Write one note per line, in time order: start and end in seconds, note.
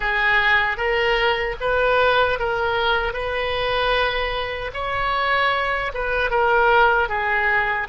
0.00 0.77 G#4
0.77 1.56 A#4
1.60 2.39 B4
2.39 3.13 A#4
3.13 4.71 B4
4.73 5.91 C#5
5.94 6.30 B4
6.30 7.08 A#4
7.08 7.87 G#4